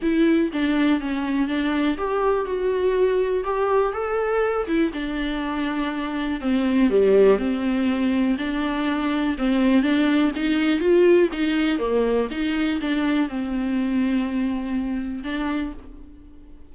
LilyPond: \new Staff \with { instrumentName = "viola" } { \time 4/4 \tempo 4 = 122 e'4 d'4 cis'4 d'4 | g'4 fis'2 g'4 | a'4. e'8 d'2~ | d'4 c'4 g4 c'4~ |
c'4 d'2 c'4 | d'4 dis'4 f'4 dis'4 | ais4 dis'4 d'4 c'4~ | c'2. d'4 | }